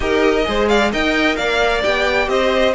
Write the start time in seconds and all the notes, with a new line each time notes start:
0.00 D#4 G4 A#4 D#5
0.44 G#3 G#4 C5
0.68 D5 F5
0.92 D#4 A#4 D#5 G5
1.35 A#3 D5 F5
1.82 B3 G4 G5
2.28 C4 C5 D#5